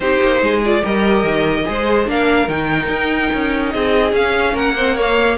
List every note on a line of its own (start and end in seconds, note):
0.00 0.20 C4
0.00 0.63 D#4
0.00 0.42 G4
0.00 0.61 C5
0.21 0.41 A#3
0.41 0.83 G#3
0.41 0.83 G#4
0.64 0.81 F4
0.64 0.84 D5
0.81 1.23 G3
0.81 1.64 G4
0.81 1.65 A#4
0.81 2.09 D#5
1.23 1.64 D#3
1.64 2.07 G#3
1.64 2.06 G#4
1.64 2.10 C5
2.06 2.47 A#3
2.06 2.47 D4
2.06 3.72 A#4
2.06 2.49 F5
2.47 2.88 D#3
2.47 4.13 D#4
2.47 3.71 G5
2.88 3.29 D#4
3.33 3.74 C#4
3.71 4.12 C4
3.71 4.53 G#4
3.71 4.12 D#5
4.12 4.53 C#4
4.12 4.75 C#4
4.12 4.56 F5
4.53 5.36 A#3
4.53 4.74 A#4
4.53 4.98 F#5
4.76 4.98 C4
4.76 4.95 C5
4.95 5.37 A#3
4.95 5.36 C#5
5.01 5.37 F5